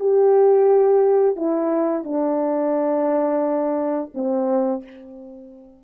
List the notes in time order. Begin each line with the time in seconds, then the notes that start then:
0.00 G4
1.37 E4
2.04 D4
4.15 C4